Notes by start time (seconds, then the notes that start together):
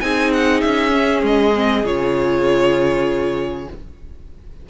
0.00 C4 D#4 G#4 G#5
0.33 F#5
0.61 C#4 E5
0.91 C#4
1.22 G#3 D#5
1.56 C4
1.84 C#3 F4 C#5